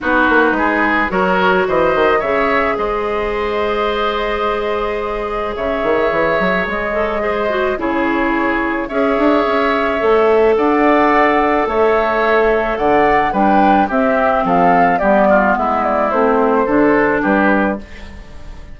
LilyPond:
<<
  \new Staff \with { instrumentName = "flute" } { \time 4/4 \tempo 4 = 108 b'2 cis''4 dis''4 | e''4 dis''2.~ | dis''2 e''2 | dis''2 cis''2 |
e''2. fis''4~ | fis''4 e''2 fis''4 | g''4 e''4 f''4 d''4 | e''8 d''8 c''2 b'4 | }
  \new Staff \with { instrumentName = "oboe" } { \time 4/4 fis'4 gis'4 ais'4 c''4 | cis''4 c''2.~ | c''2 cis''2~ | cis''4 c''4 gis'2 |
cis''2. d''4~ | d''4 cis''2 d''4 | b'4 g'4 a'4 g'8 f'8 | e'2 a'4 g'4 | }
  \new Staff \with { instrumentName = "clarinet" } { \time 4/4 dis'2 fis'2 | gis'1~ | gis'1~ | gis'8 a'8 gis'8 fis'8 e'2 |
gis'2 a'2~ | a'1 | d'4 c'2 b4~ | b4 c'4 d'2 | }
  \new Staff \with { instrumentName = "bassoon" } { \time 4/4 b8 ais8 gis4 fis4 e8 dis8 | cis4 gis2.~ | gis2 cis8 dis8 e8 fis8 | gis2 cis2 |
cis'8 d'8 cis'4 a4 d'4~ | d'4 a2 d4 | g4 c'4 f4 g4 | gis4 a4 d4 g4 | }
>>